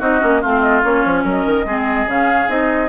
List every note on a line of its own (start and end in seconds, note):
0.00 0.22 C4
0.00 0.21 D#4
0.00 0.41 F#4
0.00 0.43 D#5
0.21 0.44 A#3
0.21 0.41 C#4
0.41 0.84 A3
0.41 0.83 C4
0.41 1.24 F4
0.41 0.62 F5
0.62 0.82 D#5
0.83 1.05 A#3
0.83 1.66 C#4
0.83 1.26 C#5
1.05 1.25 F3
1.24 1.45 F#3
1.24 1.66 A#4
1.24 2.11 D#5
1.46 1.65 D#3
1.65 2.07 G#3
1.65 2.08 C4
1.65 2.89 G#4
2.07 2.48 C#3
2.07 2.49 C#4
2.07 2.50 F5
2.49 2.89 C4
2.49 2.89 D#4
2.49 2.89 D#5